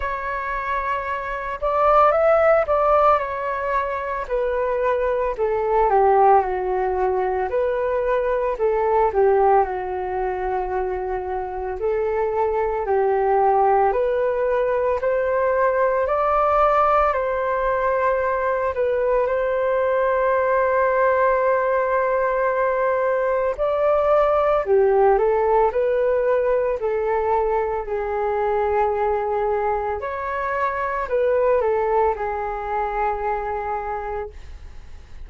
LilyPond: \new Staff \with { instrumentName = "flute" } { \time 4/4 \tempo 4 = 56 cis''4. d''8 e''8 d''8 cis''4 | b'4 a'8 g'8 fis'4 b'4 | a'8 g'8 fis'2 a'4 | g'4 b'4 c''4 d''4 |
c''4. b'8 c''2~ | c''2 d''4 g'8 a'8 | b'4 a'4 gis'2 | cis''4 b'8 a'8 gis'2 | }